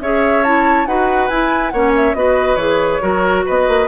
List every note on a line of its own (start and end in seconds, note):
0.00 0.86 C#4
0.00 0.45 G#4
0.00 0.88 C#5
0.00 0.43 E5
0.43 0.86 E4
0.43 0.86 A5
0.86 1.29 D#4
0.86 1.30 F#4
0.86 1.73 B4
0.86 1.28 F#5
1.28 1.72 E4
1.28 1.74 E4
1.28 1.69 G#5
1.69 2.14 A#3
1.69 2.15 C#4
1.69 2.16 C#5
1.69 1.91 F#5
1.96 2.14 E5
2.14 2.56 B3
2.14 2.58 F#4
2.14 3.02 B4
2.14 2.56 D#5
2.56 2.99 E3
2.56 3.01 G#4
2.56 3.42 C#5
3.01 3.46 F#3
3.01 3.87 F#4
3.01 3.45 A#4
3.46 3.68 B3
3.46 3.88 B4
3.46 3.88 D#5
3.68 3.88 A#3